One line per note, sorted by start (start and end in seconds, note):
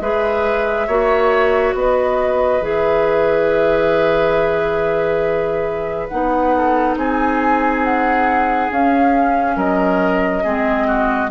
0.00 0.87 G#3
0.00 0.89 G#4
0.00 0.87 B4
0.00 1.74 E5
0.87 1.74 A#3
0.87 2.61 F#4
0.87 1.74 C#5
1.74 2.61 B3
1.74 6.56 B4
1.74 2.63 D#5
2.61 6.09 E3
2.61 6.09 G#4
2.61 6.08 E5
6.08 6.96 B3
6.08 8.71 D#4
6.08 6.95 F#5
6.56 6.98 A4
6.96 8.70 C4
6.96 9.56 G#4
6.96 7.84 G#5
7.84 8.71 F#5
8.70 9.56 C#4
8.70 10.43 C#4
8.70 9.58 F5
9.56 10.43 F#3
9.56 10.43 A#4
9.56 11.30 D#5
10.43 11.30 G#3
10.43 11.30 C4
10.43 10.87 G#4
10.87 11.30 F#4